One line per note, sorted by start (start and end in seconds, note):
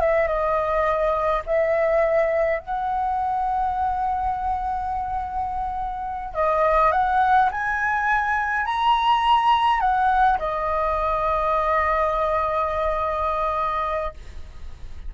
0.00 0.27 E5
0.27 1.43 D#5
1.46 2.60 E5
2.60 6.34 F#5
6.34 6.92 D#5
6.92 7.49 F#5
7.51 8.65 G#5
8.65 9.80 A#5
9.80 10.38 F#5
10.38 14.13 D#5